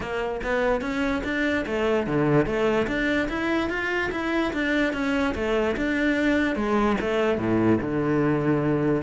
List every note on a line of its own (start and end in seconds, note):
0.00 0.41 A#3
0.43 0.81 B3
0.81 1.22 C#4
1.24 1.65 D4
1.66 2.06 A3
2.06 2.45 D3
2.45 2.87 A3
2.87 3.28 D4
3.29 3.69 E4
3.69 4.10 F4
4.11 4.52 E4
4.53 4.93 D4
4.93 5.34 C#4
5.34 5.75 A3
5.76 6.55 D4
6.55 6.96 G#3
7.00 7.38 A3
7.38 7.79 A2
7.80 9.02 D3